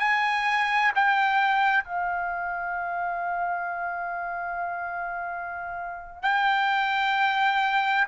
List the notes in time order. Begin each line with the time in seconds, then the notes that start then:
0.00 G#5
0.96 G5
1.84 F5
6.23 G5